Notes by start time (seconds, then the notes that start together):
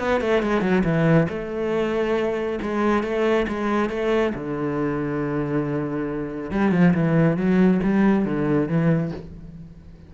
0.00 B3
0.21 A3
0.43 G#3
0.62 F#3
0.84 E3
1.29 A3
2.62 G#3
3.04 A3
3.48 G#3
3.90 A3
4.35 D3
6.51 G3
6.72 F3
6.94 E3
7.37 F#3
7.84 G3
8.25 D3
8.69 E3